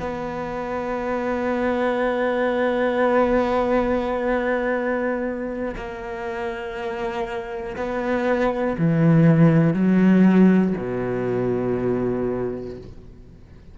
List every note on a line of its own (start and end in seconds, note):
0.00 5.75 B3
5.77 7.77 A#3
7.77 8.77 B3
8.79 9.74 E3
9.74 10.74 F#3
10.78 12.78 B2